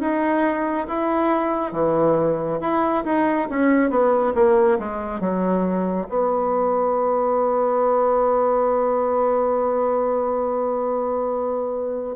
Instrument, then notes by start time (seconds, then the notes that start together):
bassoon
0.00 D#4
0.87 E4
1.72 E3
2.60 E4
3.04 D#4
3.49 C#4
3.90 B3
4.34 A#3
4.79 G#3
5.20 F#3
6.09 B3